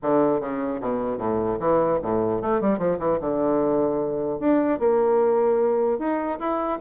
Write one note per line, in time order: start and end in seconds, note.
0.02 0.40 D3
0.40 0.80 C#3
0.80 1.17 B2
1.17 1.57 A2
1.59 1.99 E3
2.02 2.41 A2
2.41 2.61 A3
2.61 2.78 G3
2.78 2.98 F3
2.99 3.19 E3
3.20 4.39 D3
4.39 4.79 D4
4.79 5.98 A#3
5.98 6.38 D#4
6.39 6.79 E4